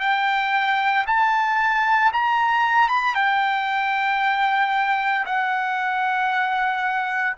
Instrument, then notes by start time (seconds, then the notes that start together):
trumpet
0.00 G5
1.06 A5
2.13 A#5
2.88 B5
3.14 G5
5.25 F#5